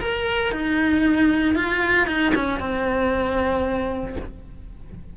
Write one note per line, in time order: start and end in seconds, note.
0.00 0.51 A#4
0.51 1.55 D#4
1.55 2.07 F4
2.07 2.33 D#4
2.35 2.59 C#4
2.59 4.16 C4